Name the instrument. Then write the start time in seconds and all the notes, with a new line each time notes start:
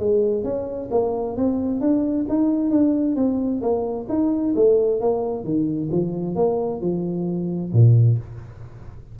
tuba
0.00 G#3
0.44 C#4
0.92 A#3
1.37 C4
1.81 D4
2.29 D#4
2.71 D4
3.16 C4
3.62 A#3
4.10 D#4
4.56 A3
5.01 A#3
5.44 D#3
5.92 F3
6.36 A#3
6.82 F3
7.73 A#2